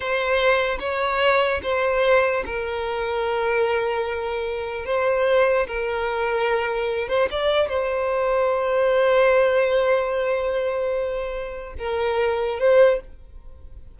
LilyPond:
\new Staff \with { instrumentName = "violin" } { \time 4/4 \tempo 4 = 148 c''2 cis''2 | c''2 ais'2~ | ais'1 | c''2 ais'2~ |
ais'4. c''8 d''4 c''4~ | c''1~ | c''1~ | c''4 ais'2 c''4 | }